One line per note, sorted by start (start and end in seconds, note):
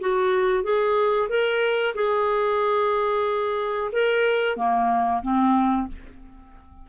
0.00 0.63 F#4
0.63 1.29 G#4
1.29 1.94 A#4
1.94 3.90 G#4
3.92 4.56 A#4
4.56 5.21 A#3
5.22 5.87 C4